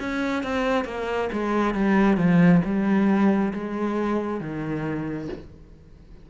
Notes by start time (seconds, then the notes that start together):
0.00 C#4
0.43 C4
0.85 A#3
1.32 G#3
1.74 G3
2.17 F3
2.65 G3
3.54 G#3
4.40 D#3